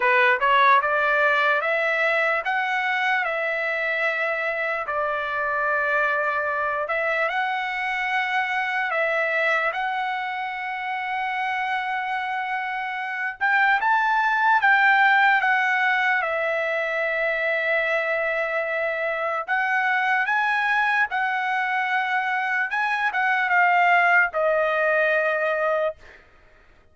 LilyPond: \new Staff \with { instrumentName = "trumpet" } { \time 4/4 \tempo 4 = 74 b'8 cis''8 d''4 e''4 fis''4 | e''2 d''2~ | d''8 e''8 fis''2 e''4 | fis''1~ |
fis''8 g''8 a''4 g''4 fis''4 | e''1 | fis''4 gis''4 fis''2 | gis''8 fis''8 f''4 dis''2 | }